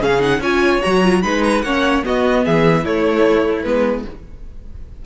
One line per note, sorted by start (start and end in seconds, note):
0.00 0.39 C#3
0.00 0.20 C#4
0.00 0.41 G#4
0.00 0.22 F5
0.20 0.40 D#4
0.20 0.42 F#5
0.39 0.79 C#4
0.39 0.82 F4
0.39 1.22 C#5
0.39 0.82 G#5
0.82 1.24 F#3
0.82 1.03 F#4
0.82 1.23 A#5
1.04 1.23 F4
1.23 1.63 G#3
1.23 1.64 D#4
1.23 1.65 B4
1.23 1.43 B5
1.44 1.62 A#5
1.62 2.03 A#3
1.62 2.04 C#4
1.62 2.05 C#5
1.62 2.03 F#5
2.04 2.85 B3
2.04 2.47 B3
2.04 2.45 F#4
2.04 2.45 D#5
2.45 2.85 E3
2.45 2.84 G#4
2.45 2.86 E5
2.84 3.65 A3
2.84 4.05 E4
2.84 3.62 C#5
3.62 4.05 G#3
3.62 4.06 B3
3.62 4.03 B4